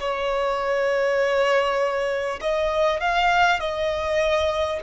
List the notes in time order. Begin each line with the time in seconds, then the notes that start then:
0.00 C#5
2.41 D#5
3.00 F5
3.59 D#5